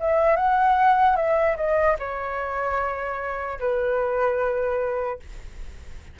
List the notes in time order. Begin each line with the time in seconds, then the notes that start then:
0.00 E5
0.36 F#5
1.16 E5
1.56 D#5
1.99 C#5
3.60 B4